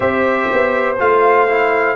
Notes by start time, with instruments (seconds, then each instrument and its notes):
0.00 tuba C4, trombone G4, horn C5, trumpet E5
0.52 tuba B3
0.98 tuba A3, trombone F4, trumpet F5
1.48 trombone E4